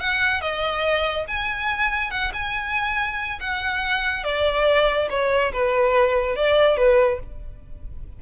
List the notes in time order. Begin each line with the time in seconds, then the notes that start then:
0.00 F#5
0.41 D#5
1.27 G#5
2.10 F#5
2.33 G#5
3.40 F#5
4.23 D5
5.10 C#5
5.53 B4
6.36 D5
6.77 B4